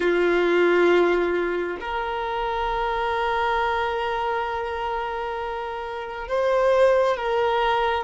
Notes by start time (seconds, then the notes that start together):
0.00 F4
1.80 A#4
6.27 C5
7.16 A#4